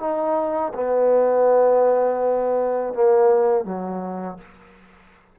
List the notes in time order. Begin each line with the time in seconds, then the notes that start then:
0.00 D#4
0.74 B3
2.94 A#3
3.65 F#3